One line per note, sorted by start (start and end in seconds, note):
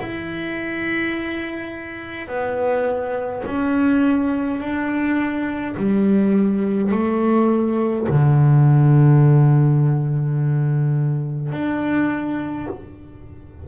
0.00 2.28 E4
2.28 3.43 B3
3.46 4.60 C#4
4.60 5.75 D4
5.77 6.92 G3
6.92 8.07 A3
8.09 11.52 D3
11.52 12.68 D4